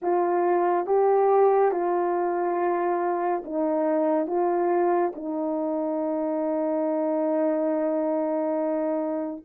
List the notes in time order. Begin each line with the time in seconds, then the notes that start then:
0.02 F4
0.86 G4
1.71 F4
3.44 D#4
4.26 F4
5.15 D#4